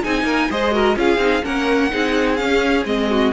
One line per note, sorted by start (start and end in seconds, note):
0.00 0.23 C4
0.00 0.50 D#4
0.00 0.24 G#4
0.00 0.51 G#5
0.23 0.46 A#3
0.23 0.49 A#4
0.50 0.96 G#3
0.50 0.71 G#4
0.50 0.74 C5
0.50 0.98 D#5
0.71 0.95 F#4
0.71 0.98 A#4
0.96 1.17 C#4
0.96 1.19 F4
0.96 1.44 G#4
0.96 1.44 F5
1.17 1.41 C4
1.17 1.43 D#4
1.43 1.92 A#3
1.43 1.90 C#4
1.43 1.91 A#4
1.43 2.36 F#5
1.90 2.41 C4
1.90 2.37 D#4
1.90 3.10 G#4
2.36 2.85 C#4
2.36 2.83 F5
2.85 3.32 G#3
2.85 3.33 C4
2.85 3.33 D#5
3.10 3.33 F#4